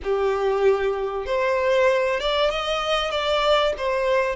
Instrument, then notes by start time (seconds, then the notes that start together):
violin
0.03 G4
1.26 C5
2.19 D5
2.50 D#5
3.11 D5
3.77 C5